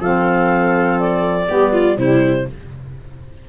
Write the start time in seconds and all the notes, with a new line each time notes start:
0.00 F3 C4 A4 F5
1.00 D5
1.48 G3 B3 G4
1.73 F4
1.98 C3 G3 E4 C5